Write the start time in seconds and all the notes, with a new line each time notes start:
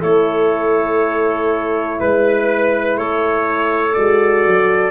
0.00 A3 E4 A4 C#5
2.00 G#3 B4
2.98 A3 A4 C#5
3.94 G#3 F#4 D5
4.47 F#3